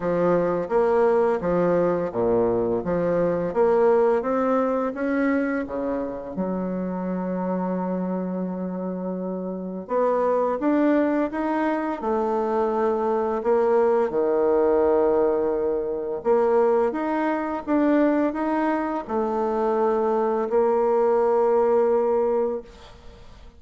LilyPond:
\new Staff \with { instrumentName = "bassoon" } { \time 4/4 \tempo 4 = 85 f4 ais4 f4 ais,4 | f4 ais4 c'4 cis'4 | cis4 fis2.~ | fis2 b4 d'4 |
dis'4 a2 ais4 | dis2. ais4 | dis'4 d'4 dis'4 a4~ | a4 ais2. | }